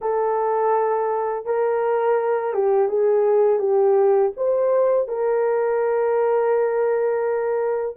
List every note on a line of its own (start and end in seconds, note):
0.01 1.45 A4
1.45 2.53 A#4
2.53 2.88 G4
2.88 3.59 G#4
3.59 4.31 G4
4.36 5.08 C5
5.08 7.96 A#4